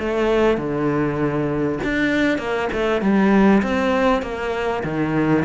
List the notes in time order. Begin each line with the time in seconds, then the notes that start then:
0.00 A3
0.58 D3
1.84 D4
2.39 A#3
2.73 A3
3.02 G3
3.63 C4
4.23 A#3
4.84 D#3